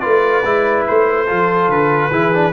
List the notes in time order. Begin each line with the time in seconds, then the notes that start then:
0.00 A3 F4 B4 D5
0.44 G#3 E4
0.87 A3 C5
1.27 F3 F4 A4
1.68 D3 B4
2.11 E3 E4 G#4
2.34 D4